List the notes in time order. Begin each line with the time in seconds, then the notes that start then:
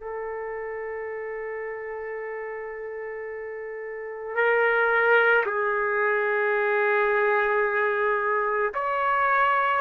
0.00 A4
4.35 A#4
5.45 G#4
8.74 C#5